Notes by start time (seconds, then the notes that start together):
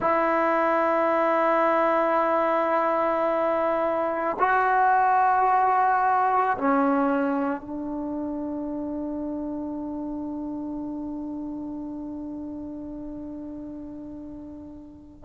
0.00 E4
4.39 F#4
6.58 C#4
7.60 D4